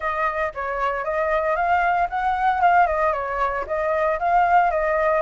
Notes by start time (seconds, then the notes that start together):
0.00 D#5
0.54 C#5
1.04 D#5
1.56 F5
2.09 F#5
2.61 F5
2.86 D#5
3.13 C#5
3.66 D#5
4.19 F5
4.70 D#5